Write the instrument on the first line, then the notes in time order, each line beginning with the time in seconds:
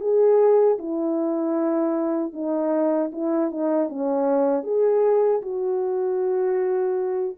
horn
0.00 G#4
0.79 E4
2.33 D#4
3.12 E4
3.51 D#4
3.89 C#4
4.63 G#4
5.42 F#4